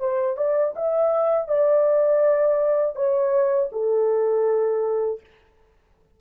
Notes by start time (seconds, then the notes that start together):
0.00 C5
0.37 D5
0.76 E5
1.48 D5
2.96 C#5
3.73 A4